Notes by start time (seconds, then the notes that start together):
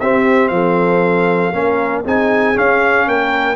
0.00 C4 G4 E5
0.48 F3 A4 F5
1.53 A#3 C#4 A#4
2.04 C4 D#4 G#4 G#5
2.54 C#4 F5
3.07 A#3 A#4 G5